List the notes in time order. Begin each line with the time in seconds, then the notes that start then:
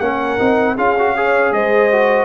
0.00 A#3 C#4 A#4 F#5
0.39 C4 D#4
0.76 C#4 F4 G#4 F5
0.98 F#4
1.16 G#4 C#5
1.52 G#3 C5 D#5
1.92 F#4